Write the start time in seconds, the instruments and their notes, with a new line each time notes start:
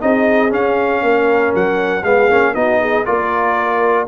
0.00 tuba C4, trombone D#4, horn G#4, trumpet D#5
0.49 trombone C#4, tuba C#4, trumpet F5
1.02 tuba A#3, horn A#4
1.55 tuba F#3, trumpet F#5
2.03 tuba G#3, trombone B3, horn G#4, trumpet F5
2.30 tuba A#3, trombone C#4
2.54 tuba B3, trombone D#4, horn F#4, trumpet D#5
2.81 horn G#4
3.06 tuba A#3, trombone F4, horn A#4, trumpet D5